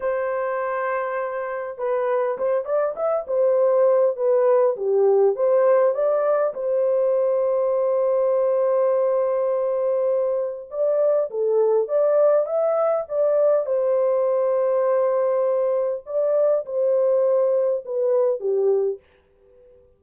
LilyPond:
\new Staff \with { instrumentName = "horn" } { \time 4/4 \tempo 4 = 101 c''2. b'4 | c''8 d''8 e''8 c''4. b'4 | g'4 c''4 d''4 c''4~ | c''1~ |
c''2 d''4 a'4 | d''4 e''4 d''4 c''4~ | c''2. d''4 | c''2 b'4 g'4 | }